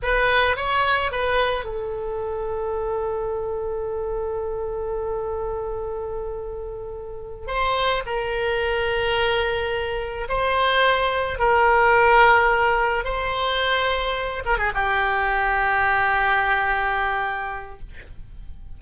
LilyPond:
\new Staff \with { instrumentName = "oboe" } { \time 4/4 \tempo 4 = 108 b'4 cis''4 b'4 a'4~ | a'1~ | a'1~ | a'4. c''4 ais'4.~ |
ais'2~ ais'8 c''4.~ | c''8 ais'2. c''8~ | c''2 ais'16 gis'16 g'4.~ | g'1 | }